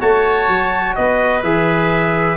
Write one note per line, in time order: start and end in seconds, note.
0.00 0.48 A3
0.00 1.43 F#4
0.00 0.96 C#5
0.00 0.95 A5
0.48 0.96 F#3
0.95 1.43 B3
0.95 2.37 B4
0.95 1.43 D#5
1.43 2.37 E3
1.43 2.37 G#4
1.43 2.37 E5